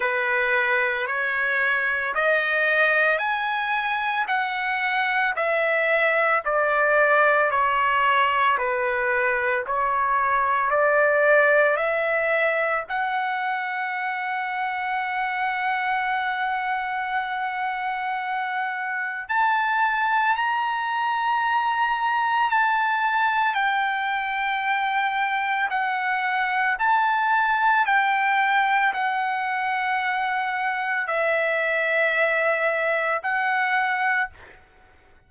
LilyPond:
\new Staff \with { instrumentName = "trumpet" } { \time 4/4 \tempo 4 = 56 b'4 cis''4 dis''4 gis''4 | fis''4 e''4 d''4 cis''4 | b'4 cis''4 d''4 e''4 | fis''1~ |
fis''2 a''4 ais''4~ | ais''4 a''4 g''2 | fis''4 a''4 g''4 fis''4~ | fis''4 e''2 fis''4 | }